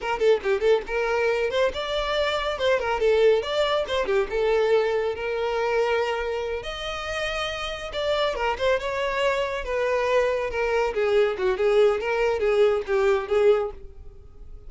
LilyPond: \new Staff \with { instrumentName = "violin" } { \time 4/4 \tempo 4 = 140 ais'8 a'8 g'8 a'8 ais'4. c''8 | d''2 c''8 ais'8 a'4 | d''4 c''8 g'8 a'2 | ais'2.~ ais'8 dis''8~ |
dis''2~ dis''8 d''4 ais'8 | c''8 cis''2 b'4.~ | b'8 ais'4 gis'4 fis'8 gis'4 | ais'4 gis'4 g'4 gis'4 | }